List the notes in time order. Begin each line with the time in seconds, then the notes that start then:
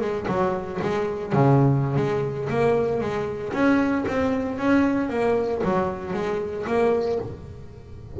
0.00 G#3
0.28 F#3
0.81 G#3
1.32 C#3
1.96 G#3
2.49 A#3
3.00 G#3
3.52 C#4
4.08 C4
4.58 C#4
5.09 A#3
5.63 F#3
6.13 G#3
6.66 A#3